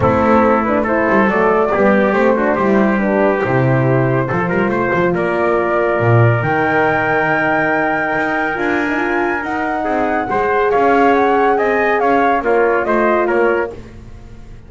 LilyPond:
<<
  \new Staff \with { instrumentName = "flute" } { \time 4/4 \tempo 4 = 140 a'4. b'8 c''4 d''4~ | d''4 c''2 b'4 | c''1 | d''2. g''4~ |
g''1 | gis''2 fis''2~ | fis''4 f''4 fis''4 gis''4 | f''4 cis''4 dis''4 cis''4 | }
  \new Staff \with { instrumentName = "trumpet" } { \time 4/4 e'2 a'2 | g'4. fis'8 g'2~ | g'2 a'8 ais'8 c''4 | ais'1~ |
ais'1~ | ais'2. gis'4 | c''4 cis''2 dis''4 | cis''4 f'4 c''4 ais'4 | }
  \new Staff \with { instrumentName = "horn" } { \time 4/4 c'4. d'8 e'4 a4 | b4 c'8 d'8 e'4 d'4 | e'2 f'2~ | f'2. dis'4~ |
dis'1 | f'8. dis'16 f'4 dis'2 | gis'1~ | gis'4 ais'4 f'2 | }
  \new Staff \with { instrumentName = "double bass" } { \time 4/4 a2~ a8 g8 fis4 | g4 a4 g2 | c2 f8 g8 a8 f8 | ais2 ais,4 dis4~ |
dis2. dis'4 | d'2 dis'4 c'4 | gis4 cis'2 c'4 | cis'4 ais4 a4 ais4 | }
>>